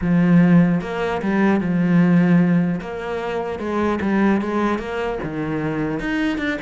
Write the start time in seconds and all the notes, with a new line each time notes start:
0.01 F3
0.81 A#3
1.21 G3
1.60 F3
2.80 A#3
3.59 G#3
4.01 G3
4.41 G#3
4.78 A#3
5.23 D#3
5.99 D#4
6.38 D4